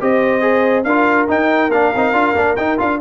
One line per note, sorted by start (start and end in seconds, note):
0.00 0.84 C4
0.00 0.41 G4
0.00 0.86 C5
0.00 0.84 D#5
0.41 0.84 G#4
0.84 1.27 D4
0.84 1.28 F4
0.84 3.00 A#4
0.84 1.26 F5
1.28 1.71 D#4
1.28 1.69 D#4
1.28 1.71 G5
1.69 1.91 A#3
1.69 1.94 D4
1.69 2.56 F5
1.95 2.13 C4
1.95 2.13 D#4
2.13 2.34 D4
2.13 2.35 F4
2.35 2.56 A#3
2.35 2.57 D4
2.56 2.79 D#4
2.56 2.78 D#4
2.56 2.78 G5
2.78 3.01 D4
2.78 2.99 F4
2.78 3.01 F5